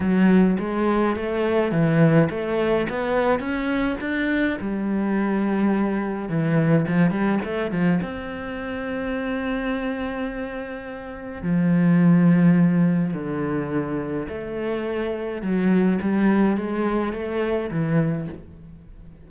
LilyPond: \new Staff \with { instrumentName = "cello" } { \time 4/4 \tempo 4 = 105 fis4 gis4 a4 e4 | a4 b4 cis'4 d'4 | g2. e4 | f8 g8 a8 f8 c'2~ |
c'1 | f2. d4~ | d4 a2 fis4 | g4 gis4 a4 e4 | }